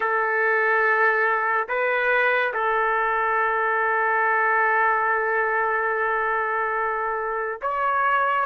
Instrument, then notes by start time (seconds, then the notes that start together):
trumpet
0.00 A4
1.68 B4
2.54 A4
7.61 C#5